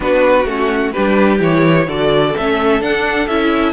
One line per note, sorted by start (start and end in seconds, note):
0.00 0.45 B3
0.00 0.45 D4
0.00 0.93 F#4
0.00 0.47 B4
0.45 0.91 A3
0.45 0.94 C#4
0.45 0.92 F#4
0.92 1.40 G3
0.92 1.39 D4
0.92 1.87 G4
0.92 1.39 B4
1.39 1.87 E3
1.39 1.85 E4
1.39 1.89 C#5
1.87 2.34 D3
1.87 2.34 F#4
1.87 3.72 A4
1.87 2.36 D5
2.36 2.80 A3
2.36 2.81 C#4
2.36 2.82 E5
2.80 3.27 D4
2.80 3.28 D4
2.80 3.27 F#5
3.27 3.72 C#4
3.27 3.72 E4
3.27 3.72 E5